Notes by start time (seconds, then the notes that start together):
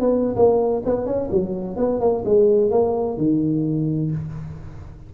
0.00 B3
0.35 A#3
0.85 B3
1.06 C#4
1.31 F#3
1.76 B3
2.00 A#3
2.25 G#3
2.70 A#3
3.17 D#3